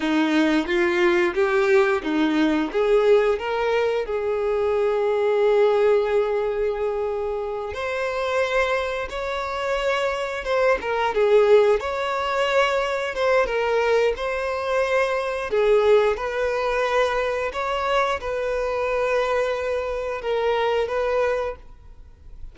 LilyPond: \new Staff \with { instrumentName = "violin" } { \time 4/4 \tempo 4 = 89 dis'4 f'4 g'4 dis'4 | gis'4 ais'4 gis'2~ | gis'2.~ gis'8 c''8~ | c''4. cis''2 c''8 |
ais'8 gis'4 cis''2 c''8 | ais'4 c''2 gis'4 | b'2 cis''4 b'4~ | b'2 ais'4 b'4 | }